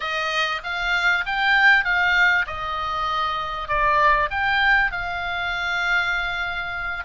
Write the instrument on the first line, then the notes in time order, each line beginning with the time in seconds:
oboe
0.00 D#5
0.63 F5
1.26 G5
1.84 F5
2.46 D#5
3.68 D5
4.30 G5
4.91 F5